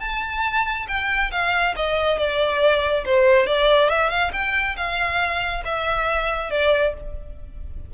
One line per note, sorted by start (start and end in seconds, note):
0.00 0.86 A5
0.88 1.31 G5
1.31 1.75 F5
1.76 2.18 D#5
2.18 3.04 D5
3.05 3.46 C5
3.46 3.89 D5
3.89 4.09 E5
4.09 4.31 F5
4.33 4.76 G5
4.77 5.63 F5
5.65 6.50 E5
6.50 6.94 D5